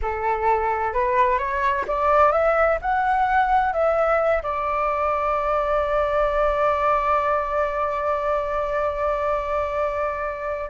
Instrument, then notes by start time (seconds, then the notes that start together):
flute
0.01 A4
0.93 B4
1.38 C#5
1.87 D5
2.32 E5
2.81 F#5
3.72 E5
4.42 D5